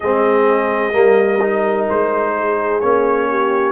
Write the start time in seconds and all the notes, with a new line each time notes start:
0.00 G#3 C4 G#4 D#5
0.92 G3 A#3 A#4
1.41 D#4
1.89 G#3 C5
2.37 G#4
2.80 A#3 C#4 C#5
3.29 G4